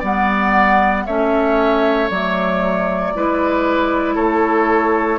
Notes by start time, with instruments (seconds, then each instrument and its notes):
0.00 bassoon G3, clarinet B3, oboe D5, flute F#5
1.06 bassoon A3, clarinet C#4, oboe C#5, flute E5
2.10 bassoon F#3, clarinet A3, flute D5
3.15 bassoon G#3, clarinet E4, oboe B4
4.15 bassoon A3, oboe A4, flute C#5